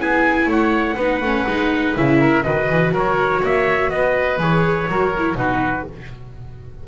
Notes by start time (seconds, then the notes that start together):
0.00 B3 E4 G#4 G#5
0.47 A3 C#5 F#5
0.96 B3 D#4 B4
1.22 A3 C#4
1.47 G#3 D#4
1.97 C#3 E4 E5
2.20 A#4
2.44 D#3 F#4 B4 D#5
2.69 E3
2.92 F#3 A#4 C#5
3.42 A#3 C#5 E5
3.90 B3 B4 D#5
4.39 E3 G#4 C#5
4.88 F#3 F#4 A#4
5.18 E4
5.35 B2 D#4 F#4 B4